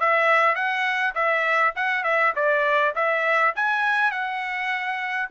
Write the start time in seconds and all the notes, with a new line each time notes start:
0.00 E5
0.55 F#5
1.15 E5
1.75 F#5
2.03 E5
2.35 D5
2.95 E5
3.55 G#5
4.11 F#5